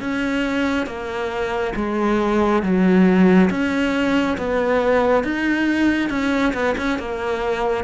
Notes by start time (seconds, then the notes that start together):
0.00 C#4
0.87 A#3
1.76 G#3
2.63 F#3
3.50 C#4
4.38 B3
5.24 D#4
6.10 C#4
6.54 B3
6.78 C#4
6.99 A#3